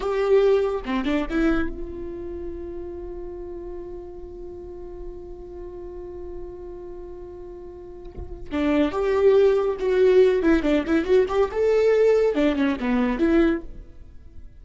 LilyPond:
\new Staff \with { instrumentName = "viola" } { \time 4/4 \tempo 4 = 141 g'2 c'8 d'8 e'4 | f'1~ | f'1~ | f'1~ |
f'1 | d'4 g'2 fis'4~ | fis'8 e'8 d'8 e'8 fis'8 g'8 a'4~ | a'4 d'8 cis'8 b4 e'4 | }